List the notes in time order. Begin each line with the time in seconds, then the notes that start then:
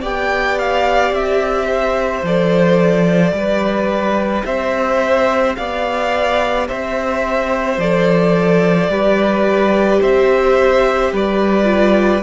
0.00 B3 G4 D5 G5
0.58 F5
1.10 C4 E5
1.66 C5
2.22 F3 A4 D5
3.32 G3 G4 B4
4.44 C4 C5 E5
5.55 B3 D5 F5
6.67 C4 C5 E5
7.77 F3 A4 D5
8.88 G3 G4 B4
10.00 C4 C5 E5
11.12 G3 B4 D5
11.64 F4